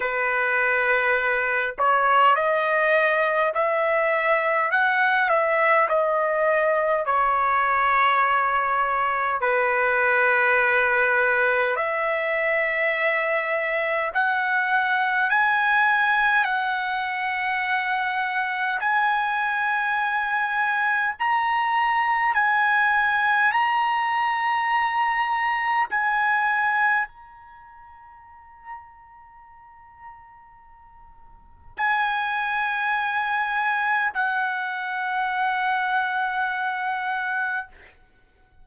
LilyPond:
\new Staff \with { instrumentName = "trumpet" } { \time 4/4 \tempo 4 = 51 b'4. cis''8 dis''4 e''4 | fis''8 e''8 dis''4 cis''2 | b'2 e''2 | fis''4 gis''4 fis''2 |
gis''2 ais''4 gis''4 | ais''2 gis''4 ais''4~ | ais''2. gis''4~ | gis''4 fis''2. | }